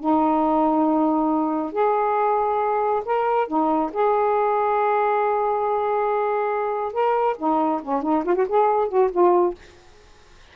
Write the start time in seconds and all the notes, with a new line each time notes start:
0.00 D#4
1.73 G#4
3.05 A#4
3.48 D#4
3.93 G#4
6.93 A#4
7.38 D#4
7.83 C#4
8.03 D#4
8.25 F4
8.35 F#4
8.48 G#4
8.89 F#4
9.11 F4